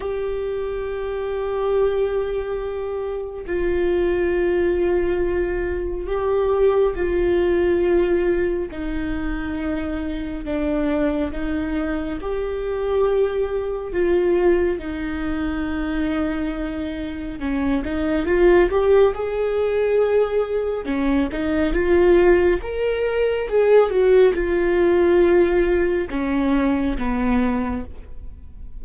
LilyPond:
\new Staff \with { instrumentName = "viola" } { \time 4/4 \tempo 4 = 69 g'1 | f'2. g'4 | f'2 dis'2 | d'4 dis'4 g'2 |
f'4 dis'2. | cis'8 dis'8 f'8 g'8 gis'2 | cis'8 dis'8 f'4 ais'4 gis'8 fis'8 | f'2 cis'4 b4 | }